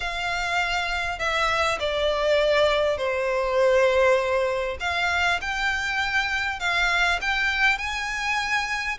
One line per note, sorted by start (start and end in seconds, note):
0.00 1.18 F5
1.18 1.78 E5
1.79 2.97 D5
2.97 4.77 C5
4.80 5.40 F5
5.41 6.59 G5
6.59 7.19 F5
7.21 7.78 G5
7.78 8.98 G#5